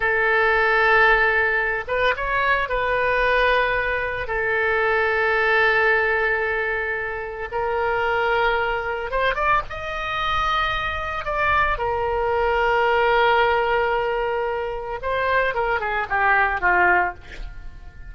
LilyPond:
\new Staff \with { instrumentName = "oboe" } { \time 4/4 \tempo 4 = 112 a'2.~ a'8 b'8 | cis''4 b'2. | a'1~ | a'2 ais'2~ |
ais'4 c''8 d''8 dis''2~ | dis''4 d''4 ais'2~ | ais'1 | c''4 ais'8 gis'8 g'4 f'4 | }